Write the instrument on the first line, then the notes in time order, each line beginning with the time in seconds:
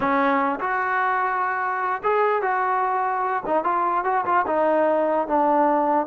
trombone
0.00 C#4
0.60 F#4
2.03 G#4
2.41 F#4
3.46 D#4
3.64 F4
4.04 F#4
4.25 F4
4.46 D#4
5.27 D4